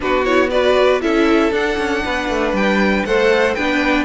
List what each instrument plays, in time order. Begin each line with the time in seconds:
0.00 cello B3, viola D4, violin F#4 B4
0.24 viola E4, violin C#5
0.50 viola F#4, violin B4 D5
1.01 cello C#4, viola E4, violin A4 E5
1.51 cello D4, viola D4, violin F#5
1.78 cello C#4
2.04 cello B3, violin B4
2.29 cello A3
2.52 cello G3, violin G5
3.05 cello A3, viola A4, violin C5 F#5
3.54 cello B3, viola D4, violin B4 G5